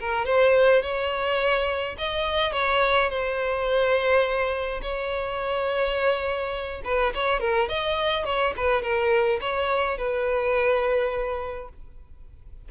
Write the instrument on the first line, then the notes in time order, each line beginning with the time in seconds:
violin
0.00 A#4
0.25 C5
0.82 C#5
1.98 D#5
2.52 C#5
3.09 C5
4.82 C#5
6.84 B4
7.14 C#5
7.40 A#4
7.69 D#5
8.25 C#5
8.57 B4
8.82 A#4
9.41 C#5
9.97 B4